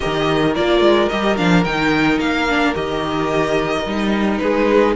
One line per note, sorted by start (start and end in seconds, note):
0.00 0.57 D#3
0.00 0.54 G4
0.00 4.41 A#4
0.00 0.54 D#5
0.55 0.80 A#3
0.55 1.10 F4
0.55 1.08 D5
0.80 1.07 G#3
1.08 1.39 G3
1.08 1.37 G4
1.08 1.36 D#5
1.37 1.65 F3
1.37 1.64 D4
1.37 1.63 F5
1.63 2.18 D#3
1.63 2.48 D#4
1.63 2.18 G5
2.18 2.74 A#3
2.18 2.74 F5
2.49 2.74 D4
2.74 3.85 D#3
2.74 3.84 G4
2.74 4.38 D#5
3.85 4.40 G3
3.85 4.96 D#4
4.38 4.96 G#3
4.38 4.96 G#4
4.38 4.93 B4